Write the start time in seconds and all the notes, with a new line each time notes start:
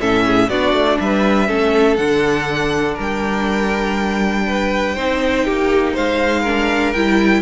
0.00 A2 C#4 A4 E5
0.25 G#4
0.49 B3 D4 F#4 D5
0.73 A3
0.99 G3 B4 E5
1.47 A3 C#4 A4
1.96 D3 D4 F#5
2.94 G3 A#4
3.00 G5
4.46 B4
4.95 C4 D#4 C5
5.44 A#3 G4
5.93 G#3 C5 F5
6.40 D4 A#4
6.93 G3 E4 G5